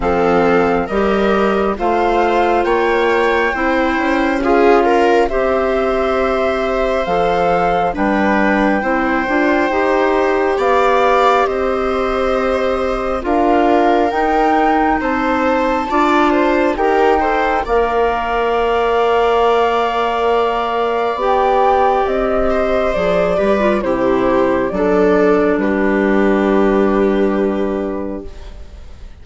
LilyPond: <<
  \new Staff \with { instrumentName = "flute" } { \time 4/4 \tempo 4 = 68 f''4 dis''4 f''4 g''4~ | g''4 f''4 e''2 | f''4 g''2. | f''4 dis''2 f''4 |
g''4 a''2 g''4 | f''1 | g''4 dis''4 d''4 c''4 | d''4 b'2. | }
  \new Staff \with { instrumentName = "viola" } { \time 4/4 a'4 ais'4 c''4 cis''4 | c''4 gis'8 ais'8 c''2~ | c''4 b'4 c''2 | d''4 c''2 ais'4~ |
ais'4 c''4 d''8 c''8 ais'8 c''8 | d''1~ | d''4. c''4 b'8 g'4 | a'4 g'2. | }
  \new Staff \with { instrumentName = "clarinet" } { \time 4/4 c'4 g'4 f'2 | e'4 f'4 g'2 | a'4 d'4 e'8 f'8 g'4~ | g'2. f'4 |
dis'2 f'4 g'8 a'8 | ais'1 | g'2 gis'8 g'16 f'16 e'4 | d'1 | }
  \new Staff \with { instrumentName = "bassoon" } { \time 4/4 f4 g4 a4 ais4 | c'8 cis'4. c'2 | f4 g4 c'8 d'8 dis'4 | b4 c'2 d'4 |
dis'4 c'4 d'4 dis'4 | ais1 | b4 c'4 f8 g8 c4 | fis4 g2. | }
>>